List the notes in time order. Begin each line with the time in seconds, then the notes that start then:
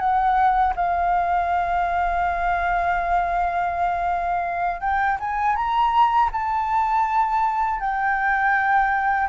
0.00 F#5
0.76 F5
4.81 G5
5.20 G#5
5.56 A#5
6.33 A5
7.80 G5